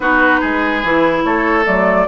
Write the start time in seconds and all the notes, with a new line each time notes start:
0.00 B3 D#4 F#4 B4
0.40 G#3 G#4
0.83 E3 E4
1.23 A3 A4 C#5
1.64 F#3 A3 D5